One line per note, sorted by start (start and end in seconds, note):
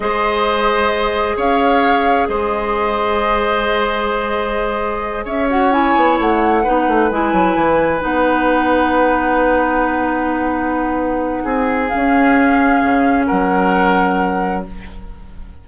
0.00 1.35 G#3
0.00 5.49 G#4
0.00 1.36 C5
0.00 1.37 D#5
1.36 2.28 C#4
1.36 2.28 C#5
1.36 2.27 F5
2.27 5.25 G#3
2.27 5.25 C5
2.27 5.25 D#5
5.25 5.94 C#4
5.25 6.62 C#5
5.25 5.49 E5
5.49 5.72 F#4
5.49 5.72 F#5
5.72 6.63 E4
5.72 6.18 G#5
5.96 6.18 B3
6.19 6.65 A3
6.19 7.09 F#5
6.63 6.87 B3
6.63 7.10 D#4
6.63 11.43 B4
6.87 7.10 A3
7.09 7.32 G#3
7.09 8.00 E4
7.09 8.00 G#5
7.32 7.55 F#3
7.55 8.01 E3
8.00 11.44 B3
8.00 11.89 D#4
8.00 11.87 F#5
11.43 11.90 C4
11.43 13.26 G#4
11.87 14.66 C#4
11.87 13.25 F5
11.95 12.82 C#4
12.82 13.28 C#3
13.26 14.68 F#3
13.26 14.64 A#4
13.26 14.63 F#5